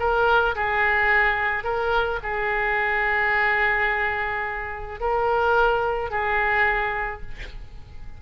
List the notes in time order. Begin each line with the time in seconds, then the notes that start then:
0.00 A#4
0.56 G#4
1.64 A#4
2.23 G#4
5.01 A#4
6.11 G#4